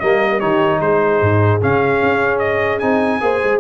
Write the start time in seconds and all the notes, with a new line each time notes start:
0.00 G3 A#3 A#4 D#5
0.39 D#3 D#4 G4 C#5
0.81 G#3 G#4 C5
1.21 G#2
1.61 C#3 C#4 F5
2.02 C#4
2.39 D#5
2.79 C4 D#4 G#5
3.21 A#3 G#4 C5
3.44 G#3